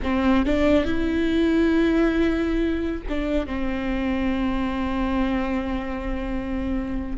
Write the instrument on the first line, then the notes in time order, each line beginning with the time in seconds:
viola
0.02 C4
0.45 D4
0.84 E4
3.09 D4
3.46 C4